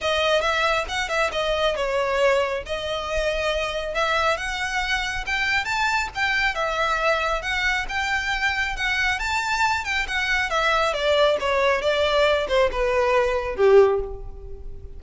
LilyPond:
\new Staff \with { instrumentName = "violin" } { \time 4/4 \tempo 4 = 137 dis''4 e''4 fis''8 e''8 dis''4 | cis''2 dis''2~ | dis''4 e''4 fis''2 | g''4 a''4 g''4 e''4~ |
e''4 fis''4 g''2 | fis''4 a''4. g''8 fis''4 | e''4 d''4 cis''4 d''4~ | d''8 c''8 b'2 g'4 | }